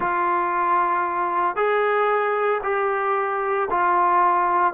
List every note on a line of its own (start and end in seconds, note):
0.00 1.56 F4
1.56 2.61 G#4
2.63 3.68 G4
3.70 4.73 F4